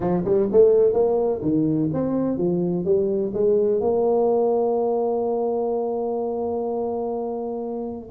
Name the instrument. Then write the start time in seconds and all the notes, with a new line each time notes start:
tuba
0.00 F3
0.24 G3
0.52 A3
0.93 A#3
1.42 D#3
1.93 C4
2.37 F3
2.84 G3
3.33 G#3
3.80 A#3